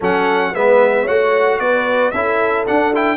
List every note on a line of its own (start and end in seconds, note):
0.00 0.54 F#3
0.00 0.54 C#4
0.00 0.51 A4
0.00 0.54 F#5
0.53 1.08 G#3
0.53 1.07 B3
0.53 1.02 B4
0.53 1.07 E5
1.02 2.13 F#4
1.02 1.55 C#5
1.02 1.59 F#5
1.09 1.59 A3
1.59 2.12 B3
1.59 2.14 B4
1.59 2.11 D5
2.11 2.66 C#4
2.11 2.66 E4
2.11 3.17 A4
2.11 2.64 E5
2.66 2.93 D4
2.66 3.17 D4
2.66 2.93 F#5
2.94 3.17 E4
2.94 3.17 G5